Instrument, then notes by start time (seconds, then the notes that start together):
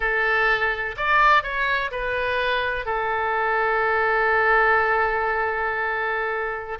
oboe
0.00 A4
0.97 D5
1.43 C#5
1.91 B4
2.85 A4